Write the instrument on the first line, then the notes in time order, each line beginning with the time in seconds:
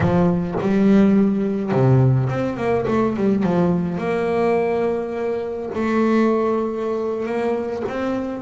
double bass
0.00 F3
0.61 G3
1.71 C3
2.29 C4
2.56 A#3
2.87 A3
3.16 G3
3.43 F3
3.98 A#3
5.75 A3
7.25 A#3
7.88 C4